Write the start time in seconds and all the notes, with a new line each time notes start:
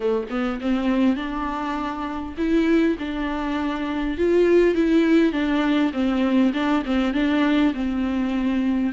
0.00 A3
0.29 B3
0.60 C4
1.16 D4
2.37 E4
2.99 D4
4.17 F4
4.74 E4
5.32 D4
5.93 C4
6.53 D4
6.85 C4
7.13 D4
7.74 C4